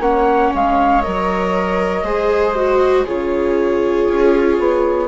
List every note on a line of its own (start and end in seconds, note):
0.00 0.51 A#3
0.00 1.03 C#4
0.00 2.05 C#5
0.00 0.53 F#5
0.54 1.05 G#3
0.54 1.02 F5
1.02 2.03 F#3
1.02 2.04 A#4
1.02 3.05 D#5
2.03 3.05 G#3
2.03 2.55 G#4
2.03 3.04 C5
2.56 3.06 F#4
3.04 4.07 C#3
3.04 5.08 F4
3.04 5.08 G#4
3.04 5.08 C#5
4.07 4.58 C#4
4.59 5.08 B3